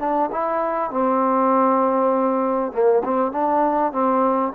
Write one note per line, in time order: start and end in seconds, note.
0.00 0.30 D4
0.33 0.91 E4
0.91 2.73 C4
2.73 3.03 A#3
3.05 3.33 C4
3.33 3.93 D4
3.93 4.53 C4